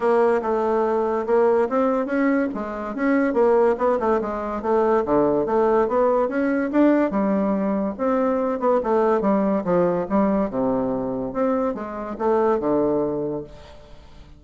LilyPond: \new Staff \with { instrumentName = "bassoon" } { \time 4/4 \tempo 4 = 143 ais4 a2 ais4 | c'4 cis'4 gis4 cis'4 | ais4 b8 a8 gis4 a4 | d4 a4 b4 cis'4 |
d'4 g2 c'4~ | c'8 b8 a4 g4 f4 | g4 c2 c'4 | gis4 a4 d2 | }